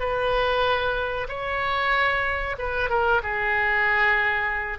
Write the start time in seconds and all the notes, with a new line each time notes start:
0.00 B4
1.29 C#5
2.59 B4
2.90 A#4
3.23 G#4